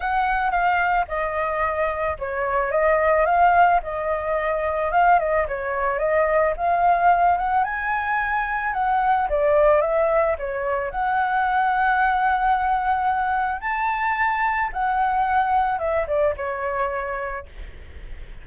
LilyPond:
\new Staff \with { instrumentName = "flute" } { \time 4/4 \tempo 4 = 110 fis''4 f''4 dis''2 | cis''4 dis''4 f''4 dis''4~ | dis''4 f''8 dis''8 cis''4 dis''4 | f''4. fis''8 gis''2 |
fis''4 d''4 e''4 cis''4 | fis''1~ | fis''4 a''2 fis''4~ | fis''4 e''8 d''8 cis''2 | }